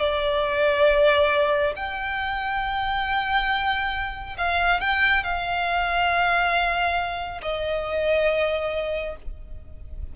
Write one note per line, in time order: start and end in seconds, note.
0.00 1.74 D5
1.76 4.37 G5
4.38 4.81 F5
4.81 5.24 G5
5.24 7.42 F5
7.42 9.16 D#5